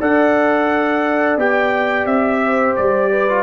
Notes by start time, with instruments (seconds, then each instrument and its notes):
0.00 tuba D4, trombone A4, horn D5, trumpet F#5
1.37 tuba B3, trombone G4, trumpet G5
2.05 tuba C4, trumpet E5
2.44 horn C5
2.76 tuba G3, trumpet D5
3.11 horn B4
3.28 trombone F4